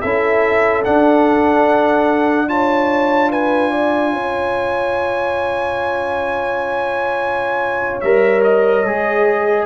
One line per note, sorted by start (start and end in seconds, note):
0.00 0.86 C#4
0.00 0.84 E4
0.00 2.47 A4
0.00 0.83 E5
0.84 2.47 D4
0.84 4.14 D4
0.84 2.48 F#5
2.47 8.02 F4
2.47 3.30 C#5
2.47 3.31 A5
3.30 3.70 B4
3.30 8.01 G#5
3.70 4.11 D5
4.13 8.02 C#4
4.13 9.66 C#5
8.01 8.84 G3
8.01 8.86 A#4
8.01 8.42 E5
8.43 9.66 D#5
8.84 9.66 G#3
8.84 9.66 G#4